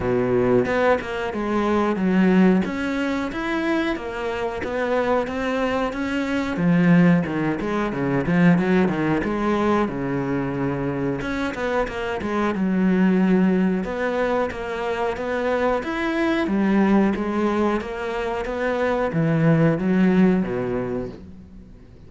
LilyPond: \new Staff \with { instrumentName = "cello" } { \time 4/4 \tempo 4 = 91 b,4 b8 ais8 gis4 fis4 | cis'4 e'4 ais4 b4 | c'4 cis'4 f4 dis8 gis8 | cis8 f8 fis8 dis8 gis4 cis4~ |
cis4 cis'8 b8 ais8 gis8 fis4~ | fis4 b4 ais4 b4 | e'4 g4 gis4 ais4 | b4 e4 fis4 b,4 | }